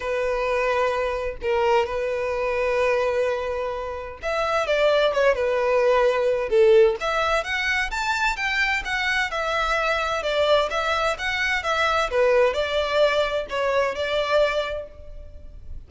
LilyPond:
\new Staff \with { instrumentName = "violin" } { \time 4/4 \tempo 4 = 129 b'2. ais'4 | b'1~ | b'4 e''4 d''4 cis''8 b'8~ | b'2 a'4 e''4 |
fis''4 a''4 g''4 fis''4 | e''2 d''4 e''4 | fis''4 e''4 b'4 d''4~ | d''4 cis''4 d''2 | }